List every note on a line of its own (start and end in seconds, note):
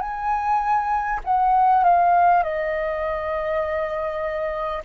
0.00 1.20 G#5
1.24 1.83 F#5
1.83 2.43 F5
2.43 4.83 D#5